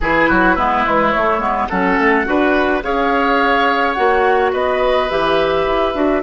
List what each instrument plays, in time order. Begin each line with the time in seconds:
0.00 bassoon E3, clarinet E4, oboe G#4, flute B4
0.29 bassoon F#3, oboe F#4
0.55 bassoon G#3, clarinet B3, oboe E4
0.85 bassoon E3, clarinet G#3
1.10 clarinet A3, flute C#5
1.17 bassoon A3
1.38 bassoon G#3, clarinet B3
1.68 bassoon F#3, clarinet C#4, oboe A4, flute F#5
1.98 bassoon A3
2.25 bassoon D4, clarinet F#4, oboe B4
2.82 bassoon C#4, clarinet G#4, oboe C#5, flute F5
3.93 bassoon A#3, clarinet F#4, flute F#5
4.52 bassoon B3, oboe B4, flute D#5
5.09 bassoon E3, clarinet G4, flute E5
5.66 bassoon E4
5.94 bassoon D4, clarinet F#4